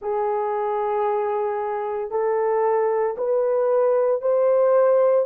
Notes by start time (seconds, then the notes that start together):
0.01 G#4
2.11 A4
3.17 B4
4.21 C5